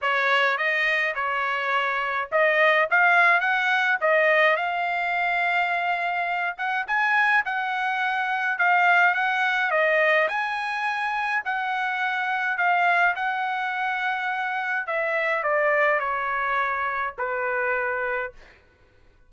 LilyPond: \new Staff \with { instrumentName = "trumpet" } { \time 4/4 \tempo 4 = 105 cis''4 dis''4 cis''2 | dis''4 f''4 fis''4 dis''4 | f''2.~ f''8 fis''8 | gis''4 fis''2 f''4 |
fis''4 dis''4 gis''2 | fis''2 f''4 fis''4~ | fis''2 e''4 d''4 | cis''2 b'2 | }